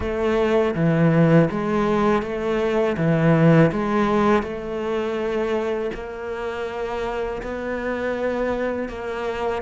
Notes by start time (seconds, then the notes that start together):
0.00 A3
0.75 E3
1.50 G#3
2.22 A3
2.97 E3
3.71 G#3
4.42 A3
5.94 A#3
7.42 B3
8.89 A#3